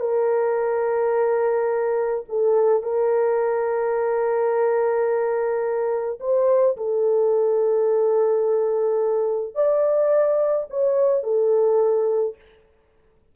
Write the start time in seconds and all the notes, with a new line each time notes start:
0.00 A#4
2.29 A4
2.83 A#4
6.20 C5
6.77 A4
9.55 D5
10.70 C#5
11.24 A4